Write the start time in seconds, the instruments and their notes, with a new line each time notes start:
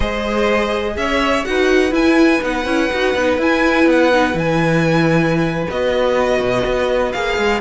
0.00 cello G#3, viola G#4, violin C5 D#5
0.96 cello C#4, violin C#5 E5
1.44 cello D#4, viola F#4, violin B4 F#5
1.91 cello E4, viola E4, violin G#5
2.41 cello B3, viola D#4, violin F#5
2.65 cello C#4, viola E4
2.92 cello D#4, viola F#4
3.14 cello B3, viola D#4
3.37 cello E4, viola E4, violin G#5
3.86 cello B3, violin F#5
4.12 viola D#4
4.33 cello E3, viola E4, violin G#5
5.70 cello B3, viola F#4, violin D#5
6.39 cello B2
6.65 cello B3
7.12 cello A#3, viola G#4, violin F5
7.37 cello G#3